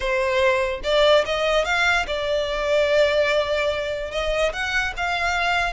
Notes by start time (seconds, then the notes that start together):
0.00 C5
0.83 D5
1.25 D#5
1.64 F5
2.06 D5
4.11 D#5
4.52 F#5
4.97 F5